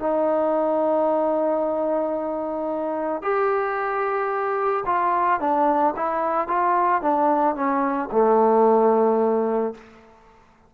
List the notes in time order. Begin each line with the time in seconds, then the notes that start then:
0.00 D#4
3.23 G4
4.86 F4
5.40 D4
5.97 E4
6.48 F4
7.02 D4
7.56 C#4
8.12 A3